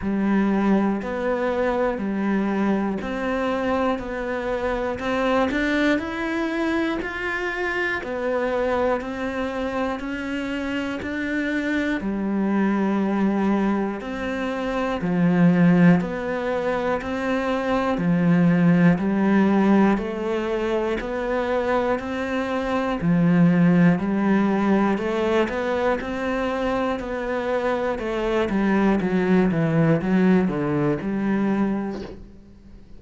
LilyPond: \new Staff \with { instrumentName = "cello" } { \time 4/4 \tempo 4 = 60 g4 b4 g4 c'4 | b4 c'8 d'8 e'4 f'4 | b4 c'4 cis'4 d'4 | g2 c'4 f4 |
b4 c'4 f4 g4 | a4 b4 c'4 f4 | g4 a8 b8 c'4 b4 | a8 g8 fis8 e8 fis8 d8 g4 | }